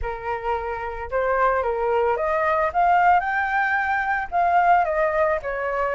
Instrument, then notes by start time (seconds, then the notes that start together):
flute
0.01 A#4
1.10 C5
1.62 A#4
2.16 D#5
2.73 F5
3.20 G5
4.31 F5
4.84 D#5
5.42 C#5